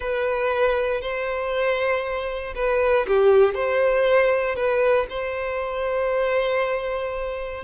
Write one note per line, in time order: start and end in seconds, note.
0.00 1.01 B4
1.01 2.54 C5
2.55 3.06 B4
3.07 3.54 G4
3.54 4.55 C5
4.55 5.06 B4
5.09 7.64 C5